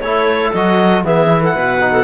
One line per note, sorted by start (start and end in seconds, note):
0.00 0.51 A3
0.00 0.55 E4
0.00 1.04 A4
0.00 0.51 C#5
0.53 1.03 F#3
0.53 1.05 F#4
0.53 1.04 D#5
1.03 1.54 E3
1.03 1.27 B3
1.03 1.41 G#4
1.03 1.43 E5
1.27 1.77 E4
1.41 1.54 A4
1.41 2.04 F#5
1.54 2.04 B2
1.54 1.92 B4
1.81 2.04 D#4
1.92 2.04 A4